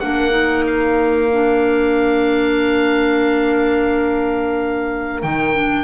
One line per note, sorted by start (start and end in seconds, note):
0.00 5.23 A#3
0.00 0.31 D4
0.00 5.85 A#4
0.00 0.65 F#5
0.31 1.29 D#4
0.67 5.22 F5
1.33 5.23 D4
5.22 5.85 D#3
5.22 5.55 D#4
5.22 5.85 G5
5.55 5.85 D4